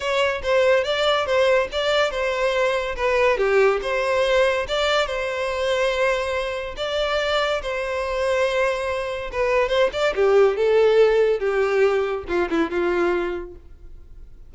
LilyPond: \new Staff \with { instrumentName = "violin" } { \time 4/4 \tempo 4 = 142 cis''4 c''4 d''4 c''4 | d''4 c''2 b'4 | g'4 c''2 d''4 | c''1 |
d''2 c''2~ | c''2 b'4 c''8 d''8 | g'4 a'2 g'4~ | g'4 f'8 e'8 f'2 | }